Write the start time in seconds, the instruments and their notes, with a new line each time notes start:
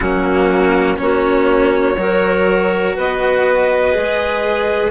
0.00 bassoon F#3, cello A#3, clarinet C#4, violin F#4
0.97 bassoon A#3, cello C#4, clarinet F#4, violin C#5
1.96 bassoon F#3, cello F#4, clarinet A#4
2.95 bassoon B3, clarinet B4, violin D#5
3.92 bassoon G#3, cello G#4